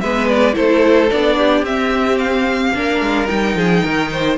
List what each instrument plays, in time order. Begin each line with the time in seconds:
0.00 cello G#3, viola B3, violin B4 E5
0.28 violin D5
0.53 cello A3, viola E4, violin A4 C5
1.10 cello B3, viola D4, violin D5
1.36 violin G4
1.62 cello C4, viola C4, violin E5
2.18 violin F5
2.74 cello A#3, viola D4, violin A#4
3.01 cello G#3
3.26 cello G3, viola D#4, violin G5
3.55 cello F3, violin G#4
3.83 cello D#3, violin A#4
4.11 violin C5